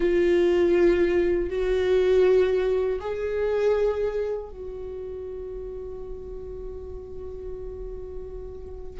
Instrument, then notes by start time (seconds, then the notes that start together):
viola
0.00 F4
1.49 F#4
3.00 G#4
4.50 F#4